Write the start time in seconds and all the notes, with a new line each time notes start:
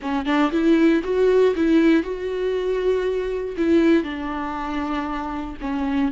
0.01 C#4
0.25 D4
0.51 E4
1.03 F#4
1.55 E4
2.03 F#4
3.57 E4
4.03 D4
5.61 C#4